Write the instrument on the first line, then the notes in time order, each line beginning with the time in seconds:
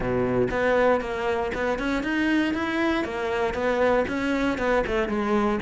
cello
0.00 B2
0.50 B3
1.00 A#3
1.54 B3
1.78 C#4
2.03 D#4
2.54 E4
3.04 A#3
3.54 B3
4.08 C#4
4.58 B3
4.86 A3
5.08 G#3